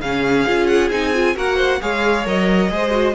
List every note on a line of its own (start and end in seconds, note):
0.00 0.45 C#3
0.00 0.47 C#4
0.00 1.36 G#4
0.00 0.67 F5
0.47 0.91 C#4
0.47 0.92 F4
0.67 0.89 F#5
0.91 1.36 C4
0.91 1.14 D#4
0.91 1.37 G#5
1.14 1.35 F4
1.35 1.82 A#3
1.35 1.80 F#4
1.35 1.57 A#4
1.35 1.82 F#5
1.57 1.79 C5
1.82 2.26 G#3
1.82 2.26 G#4
1.82 2.72 C#5
1.82 2.27 F5
2.26 2.71 F#3
2.26 2.70 A#4
2.26 3.15 D#5
2.70 3.15 G#3
2.70 2.91 G#4
2.70 3.15 C5
2.91 3.13 F#4